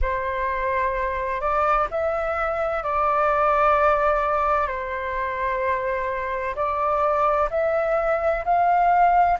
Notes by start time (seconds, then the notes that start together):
0.01 C5
1.41 D5
1.90 E5
2.83 D5
4.67 C5
6.55 D5
7.50 E5
8.44 F5